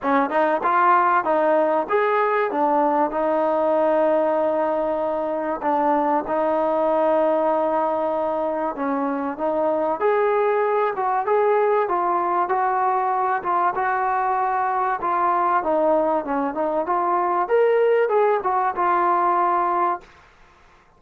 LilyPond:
\new Staff \with { instrumentName = "trombone" } { \time 4/4 \tempo 4 = 96 cis'8 dis'8 f'4 dis'4 gis'4 | d'4 dis'2.~ | dis'4 d'4 dis'2~ | dis'2 cis'4 dis'4 |
gis'4. fis'8 gis'4 f'4 | fis'4. f'8 fis'2 | f'4 dis'4 cis'8 dis'8 f'4 | ais'4 gis'8 fis'8 f'2 | }